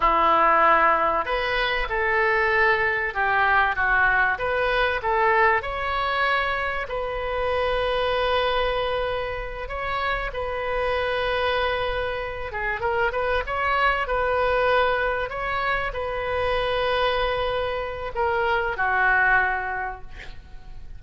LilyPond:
\new Staff \with { instrumentName = "oboe" } { \time 4/4 \tempo 4 = 96 e'2 b'4 a'4~ | a'4 g'4 fis'4 b'4 | a'4 cis''2 b'4~ | b'2.~ b'8 cis''8~ |
cis''8 b'2.~ b'8 | gis'8 ais'8 b'8 cis''4 b'4.~ | b'8 cis''4 b'2~ b'8~ | b'4 ais'4 fis'2 | }